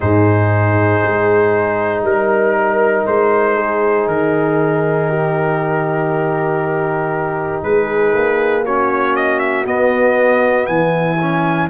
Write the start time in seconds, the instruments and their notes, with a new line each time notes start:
0.00 tuba G#2, trombone D#4, horn G#4, trumpet C5
1.04 tuba G#3
2.02 tuba G3, horn A#4, trumpet A#4
3.06 tuba G#3, trumpet C5
3.56 horn G#4
4.07 tuba D#3, trumpet A#4
5.09 horn G4
7.62 tuba G#3, horn G#4, trumpet B4
8.13 tuba A#3
8.65 trombone C#4, horn F#4, trumpet C#5
9.16 trumpet D#5
9.39 trumpet E5
9.65 trombone B3, tuba B3, trumpet D#5
10.66 tuba E3, horn E4, trumpet G#5
11.21 trombone C#4